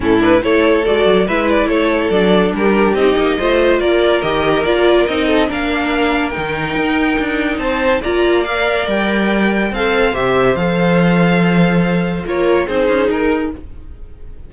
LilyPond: <<
  \new Staff \with { instrumentName = "violin" } { \time 4/4 \tempo 4 = 142 a'8 b'8 cis''4 d''4 e''8 d''8 | cis''4 d''4 ais'4 dis''4~ | dis''4 d''4 dis''4 d''4 | dis''4 f''2 g''4~ |
g''2 a''4 ais''4 | f''4 g''2 f''4 | e''4 f''2.~ | f''4 cis''4 c''4 ais'4 | }
  \new Staff \with { instrumentName = "violin" } { \time 4/4 e'4 a'2 b'4 | a'2 g'2 | c''4 ais'2.~ | ais'8 a'8 ais'2.~ |
ais'2 c''4 d''4~ | d''2. c''4~ | c''1~ | c''4 ais'4 gis'2 | }
  \new Staff \with { instrumentName = "viola" } { \time 4/4 cis'8 d'8 e'4 fis'4 e'4~ | e'4 d'2 dis'4 | f'2 g'4 f'4 | dis'4 d'2 dis'4~ |
dis'2. f'4 | ais'2. a'4 | g'4 a'2.~ | a'4 f'4 dis'2 | }
  \new Staff \with { instrumentName = "cello" } { \time 4/4 a,4 a4 gis8 fis8 gis4 | a4 fis4 g4 c'8 ais8 | a4 ais4 dis4 ais4 | c'4 ais2 dis4 |
dis'4 d'4 c'4 ais4~ | ais4 g2 c'4 | c4 f2.~ | f4 ais4 c'8 cis'8 dis'4 | }
>>